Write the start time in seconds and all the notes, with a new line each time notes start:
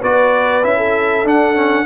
0.00 B3 F#4 B4 D5
0.63 C#4 E4 E5
0.77 A4
1.24 D4 F#5
1.55 C#4